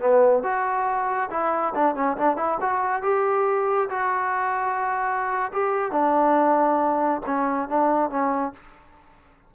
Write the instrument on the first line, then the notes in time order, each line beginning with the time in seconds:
trombone
0.00 B3
0.43 F#4
1.30 E4
1.74 D4
1.95 C#4
2.17 D4
2.36 E4
2.61 F#4
3.02 G4
3.89 F#4
5.52 G4
5.92 D4
7.26 C#4
7.69 D4
8.10 C#4